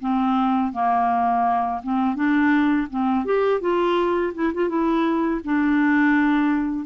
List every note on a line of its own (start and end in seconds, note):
0.00 0.72 C4
0.73 1.81 A#3
1.83 2.15 C4
2.15 2.87 D4
2.90 3.25 C4
3.25 3.60 G4
3.60 4.33 F4
4.34 4.52 E4
4.54 4.69 F4
4.69 5.41 E4
5.44 6.85 D4